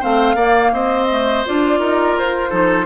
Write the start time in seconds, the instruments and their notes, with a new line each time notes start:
0.00 bassoon A3, clarinet C4, oboe C5, flute F5
0.35 bassoon A#3, clarinet A#3, oboe D5
0.72 bassoon C4, oboe C5, flute D#5
1.09 clarinet A3
1.46 bassoon D4, clarinet F4, flute D5
1.79 bassoon D#4, oboe A#4
2.18 bassoon F4, flute C5
2.50 bassoon F3, clarinet D#4, oboe A4